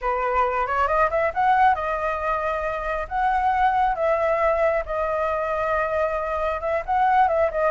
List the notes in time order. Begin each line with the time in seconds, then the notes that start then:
0.01 B4
0.66 C#5
0.87 D#5
1.10 E5
1.34 F#5
1.74 D#5
3.08 F#5
3.95 E5
4.85 D#5
6.60 E5
6.85 F#5
7.28 E5
7.51 D#5